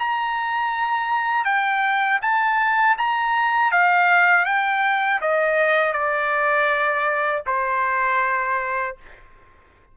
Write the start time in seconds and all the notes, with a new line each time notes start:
0.00 A#5
1.45 G5
2.22 A5
2.98 A#5
3.72 F5
4.46 G5
5.22 D#5
5.94 D5
7.47 C5